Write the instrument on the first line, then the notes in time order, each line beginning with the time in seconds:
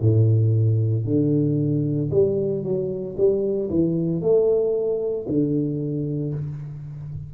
tuba
0.00 A2
1.04 D3
2.11 G3
2.63 F#3
3.17 G3
3.70 E3
4.21 A3
5.28 D3